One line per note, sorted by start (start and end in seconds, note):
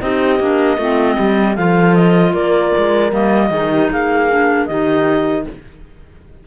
0.00 0.40 C4
0.00 0.39 D#4
0.00 0.79 G4
0.00 1.56 D#5
0.40 0.78 A#3
0.40 0.79 D4
0.78 1.17 A3
0.78 1.57 C4
0.78 1.16 F4
1.16 1.58 G3
1.16 1.55 G4
1.55 2.34 F3
1.55 3.11 F4
1.55 2.33 A4
1.55 1.95 F5
1.95 2.34 D#5
2.33 2.73 A#3
2.33 3.50 A#4
2.33 3.12 D5
2.78 3.13 G#3
3.11 3.51 G3
3.11 3.50 A#3
3.11 3.91 D#5
3.51 3.90 D#3
3.51 4.31 D#4
3.51 3.71 G#4
3.71 3.91 G4
3.91 4.69 A#3
3.91 4.68 G#4
3.91 4.67 F5
4.31 4.69 D4
4.67 5.47 D#3
4.67 5.47 D#4
4.67 5.46 G4
4.67 5.44 D#5